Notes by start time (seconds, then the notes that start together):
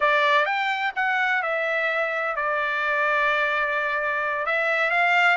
0.00 D5
0.45 G5
0.95 F#5
1.42 E5
2.36 D5
4.45 E5
4.90 F5